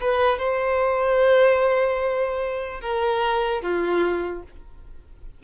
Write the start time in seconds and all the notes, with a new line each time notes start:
0.00 B4
0.38 C5
2.80 A#4
3.62 F4